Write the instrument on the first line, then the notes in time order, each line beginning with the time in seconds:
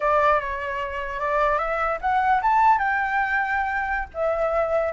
flute
0.00 D5
0.40 C#5
1.19 D5
1.58 E5
2.01 F#5
2.42 A5
2.78 G5
4.14 E5